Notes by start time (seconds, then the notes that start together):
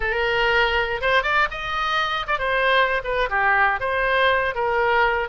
0.00 A#4
1.01 C5
1.22 D5
1.50 D#5
2.27 D5
2.38 C5
3.04 B4
3.29 G4
3.80 C5
4.54 A#4